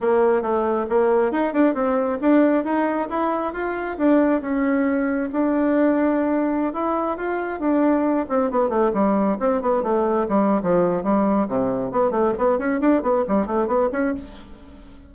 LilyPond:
\new Staff \with { instrumentName = "bassoon" } { \time 4/4 \tempo 4 = 136 ais4 a4 ais4 dis'8 d'8 | c'4 d'4 dis'4 e'4 | f'4 d'4 cis'2 | d'2.~ d'16 e'8.~ |
e'16 f'4 d'4. c'8 b8 a16~ | a16 g4 c'8 b8 a4 g8. | f4 g4 c4 b8 a8 | b8 cis'8 d'8 b8 g8 a8 b8 cis'8 | }